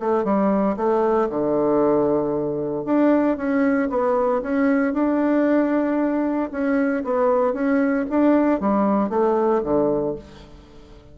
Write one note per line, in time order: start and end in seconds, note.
0.00 0.24 A3
0.24 0.77 G3
0.77 1.29 A3
1.30 2.86 D3
2.86 3.37 D4
3.37 3.89 C#4
3.90 4.42 B3
4.43 4.94 C#4
4.94 6.51 D4
6.52 7.04 C#4
7.04 7.54 B3
7.54 8.06 C#4
8.10 8.61 D4
8.61 9.10 G3
9.10 9.62 A3
9.64 10.16 D3